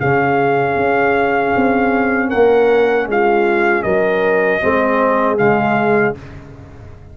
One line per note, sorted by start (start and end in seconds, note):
0.00 0.76 C#3
0.00 4.62 C#4
0.00 2.29 G#4
0.00 2.30 F5
0.76 1.53 C#4
1.56 2.33 C4
2.29 3.07 A#3
2.29 3.06 A#4
2.29 3.07 F#5
3.07 3.84 G#3
3.07 3.84 F4
3.07 3.83 F5
3.83 4.61 F#3
3.83 4.61 A#4
3.83 5.37 D#5
4.62 5.40 G#3
4.62 5.38 C4
4.62 6.17 G#4
5.38 6.17 C#3
5.38 6.15 G#3
5.38 6.15 F5